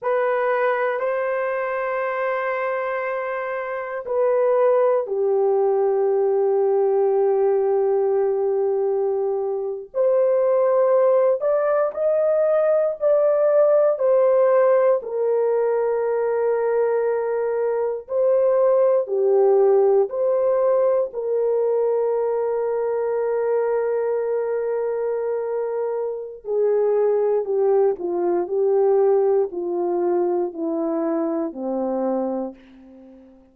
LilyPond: \new Staff \with { instrumentName = "horn" } { \time 4/4 \tempo 4 = 59 b'4 c''2. | b'4 g'2.~ | g'4.~ g'16 c''4. d''8 dis''16~ | dis''8. d''4 c''4 ais'4~ ais'16~ |
ais'4.~ ais'16 c''4 g'4 c''16~ | c''8. ais'2.~ ais'16~ | ais'2 gis'4 g'8 f'8 | g'4 f'4 e'4 c'4 | }